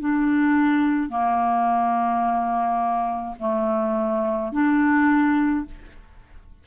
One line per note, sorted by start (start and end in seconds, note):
0.00 1.10 D4
1.10 3.36 A#3
3.39 4.52 A3
4.52 5.66 D4